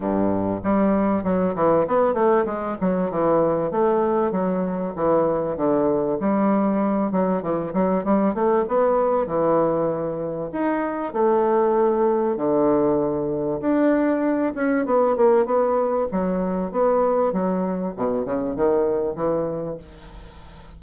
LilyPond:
\new Staff \with { instrumentName = "bassoon" } { \time 4/4 \tempo 4 = 97 g,4 g4 fis8 e8 b8 a8 | gis8 fis8 e4 a4 fis4 | e4 d4 g4. fis8 | e8 fis8 g8 a8 b4 e4~ |
e4 dis'4 a2 | d2 d'4. cis'8 | b8 ais8 b4 fis4 b4 | fis4 b,8 cis8 dis4 e4 | }